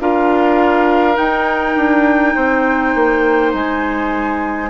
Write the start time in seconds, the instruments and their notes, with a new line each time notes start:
0.00 bassoon D4, clarinet F4, oboe A#4, flute F5
1.15 clarinet D#4, bassoon D#4, flute G5
1.76 bassoon D4
2.35 bassoon C4, oboe C5
2.95 bassoon A#3
3.54 bassoon G#3, flute G#5